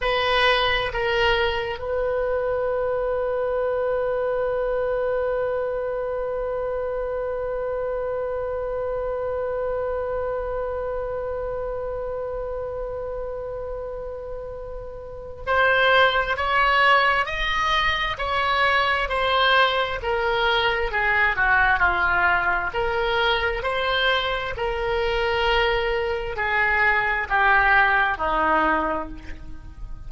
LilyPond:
\new Staff \with { instrumentName = "oboe" } { \time 4/4 \tempo 4 = 66 b'4 ais'4 b'2~ | b'1~ | b'1~ | b'1~ |
b'4 c''4 cis''4 dis''4 | cis''4 c''4 ais'4 gis'8 fis'8 | f'4 ais'4 c''4 ais'4~ | ais'4 gis'4 g'4 dis'4 | }